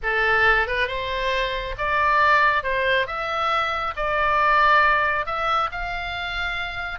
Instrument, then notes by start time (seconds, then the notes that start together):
oboe
0.02 A4
0.67 B4
0.87 C5
1.78 D5
2.63 C5
3.06 E5
3.96 D5
5.26 E5
5.71 F5